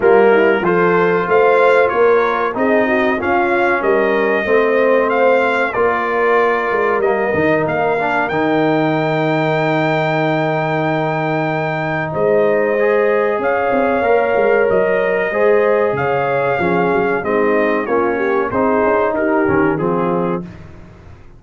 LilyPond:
<<
  \new Staff \with { instrumentName = "trumpet" } { \time 4/4 \tempo 4 = 94 ais'4 c''4 f''4 cis''4 | dis''4 f''4 dis''2 | f''4 d''2 dis''4 | f''4 g''2.~ |
g''2. dis''4~ | dis''4 f''2 dis''4~ | dis''4 f''2 dis''4 | cis''4 c''4 ais'4 gis'4 | }
  \new Staff \with { instrumentName = "horn" } { \time 4/4 f'8 e'8 a'4 c''4 ais'4 | gis'8 fis'8 f'4 ais'4 c''4~ | c''4 ais'2.~ | ais'1~ |
ais'2. c''4~ | c''4 cis''2. | c''4 cis''4 gis'4 dis'4 | f'8 g'8 gis'4 g'4 f'4 | }
  \new Staff \with { instrumentName = "trombone" } { \time 4/4 ais4 f'2. | dis'4 cis'2 c'4~ | c'4 f'2 ais8 dis'8~ | dis'8 d'8 dis'2.~ |
dis'1 | gis'2 ais'2 | gis'2 cis'4 c'4 | cis'4 dis'4. cis'8 c'4 | }
  \new Staff \with { instrumentName = "tuba" } { \time 4/4 g4 f4 a4 ais4 | c'4 cis'4 g4 a4~ | a4 ais4. gis8 g8 dis8 | ais4 dis2.~ |
dis2. gis4~ | gis4 cis'8 c'8 ais8 gis8 fis4 | gis4 cis4 f8 fis8 gis4 | ais4 c'8 cis'8 dis'8 dis8 f4 | }
>>